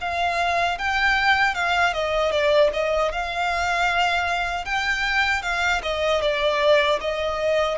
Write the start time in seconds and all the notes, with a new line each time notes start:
0.00 F5
0.78 G5
1.54 F5
1.93 D#5
2.31 D5
2.73 D#5
3.11 F5
4.65 G5
5.42 F5
5.82 D#5
6.21 D5
7.00 D#5